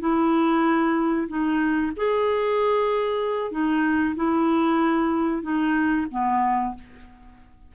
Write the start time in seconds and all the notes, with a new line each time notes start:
0.00 E4
1.28 D#4
1.96 G#4
3.51 D#4
4.15 E4
5.42 D#4
6.11 B3